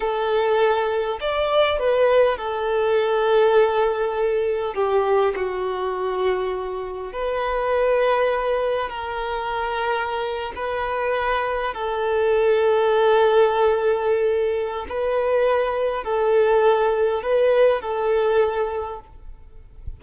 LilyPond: \new Staff \with { instrumentName = "violin" } { \time 4/4 \tempo 4 = 101 a'2 d''4 b'4 | a'1 | g'4 fis'2. | b'2. ais'4~ |
ais'4.~ ais'16 b'2 a'16~ | a'1~ | a'4 b'2 a'4~ | a'4 b'4 a'2 | }